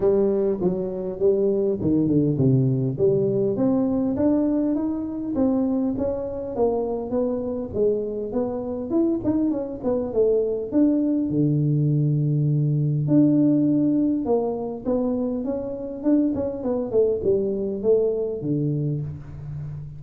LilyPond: \new Staff \with { instrumentName = "tuba" } { \time 4/4 \tempo 4 = 101 g4 fis4 g4 dis8 d8 | c4 g4 c'4 d'4 | dis'4 c'4 cis'4 ais4 | b4 gis4 b4 e'8 dis'8 |
cis'8 b8 a4 d'4 d4~ | d2 d'2 | ais4 b4 cis'4 d'8 cis'8 | b8 a8 g4 a4 d4 | }